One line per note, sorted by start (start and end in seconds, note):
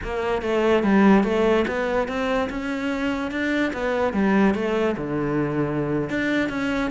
0.03 0.42 A#3
0.42 0.83 A3
0.83 1.23 G3
1.23 1.65 A3
1.67 2.07 B3
2.07 2.49 C4
2.49 3.31 C#4
3.31 3.72 D4
3.73 4.13 B3
4.13 4.54 G3
4.54 4.95 A3
4.97 6.09 D3
6.09 6.49 D4
6.49 6.90 C#4